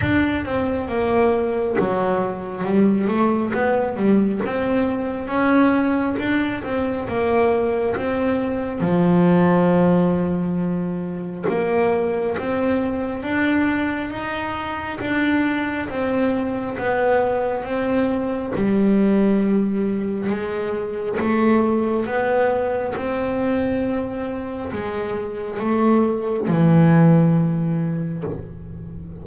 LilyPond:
\new Staff \with { instrumentName = "double bass" } { \time 4/4 \tempo 4 = 68 d'8 c'8 ais4 fis4 g8 a8 | b8 g8 c'4 cis'4 d'8 c'8 | ais4 c'4 f2~ | f4 ais4 c'4 d'4 |
dis'4 d'4 c'4 b4 | c'4 g2 gis4 | a4 b4 c'2 | gis4 a4 e2 | }